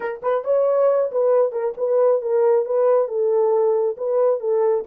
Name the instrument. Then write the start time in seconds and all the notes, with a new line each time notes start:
horn
0.00 A#4
0.22 B4
0.44 C#5
1.11 B4
1.52 A#4
1.77 B4
2.21 A#4
2.65 B4
3.07 A4
3.97 B4
4.40 A4